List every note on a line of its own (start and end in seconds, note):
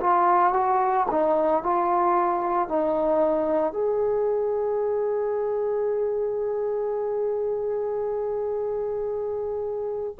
0.00 0.53 F4
0.53 1.06 F#4
1.10 1.63 D#4
1.63 2.68 F4
2.68 3.73 D#4
3.73 10.15 G#4